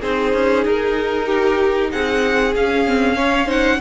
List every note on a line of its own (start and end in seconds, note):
0.00 0.33 C4
0.00 2.54 D#4
0.00 1.26 G#4
0.00 0.65 C5
0.33 0.65 C#4
0.65 1.91 D#4
0.65 1.91 A#4
1.26 1.89 G4
1.91 2.55 C4
1.91 3.17 G#4
1.91 2.54 F#5
2.55 3.80 C#4
2.55 2.87 C#4
2.55 3.50 F5
2.87 3.15 C4
3.15 3.47 C#4
3.15 3.46 C#5
3.46 3.78 D#4
3.46 3.77 C5
3.46 3.80 F#5